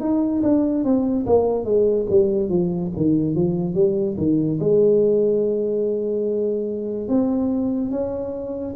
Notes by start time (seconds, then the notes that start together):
0.00 D#4
0.43 D4
0.84 C4
1.26 A#3
1.64 G#3
2.09 G3
2.49 F3
2.96 D#3
3.35 F3
3.74 G3
4.17 D#3
4.60 G#3
7.08 C4
7.91 C#4